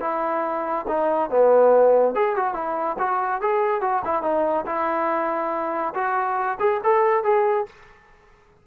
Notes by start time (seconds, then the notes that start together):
0.00 E4
0.88 D#4
1.30 B3
2.14 G#4
2.36 F#4
2.54 E4
2.98 F#4
3.41 G#4
3.81 F#4
4.04 E4
4.22 D#4
4.66 E4
5.94 F#4
6.59 G#4
6.83 A4
7.23 G#4